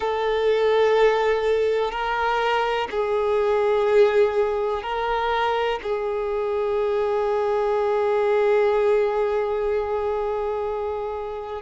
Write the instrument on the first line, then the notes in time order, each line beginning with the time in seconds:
violin
0.00 A4
1.91 A#4
2.90 G#4
4.83 A#4
5.82 G#4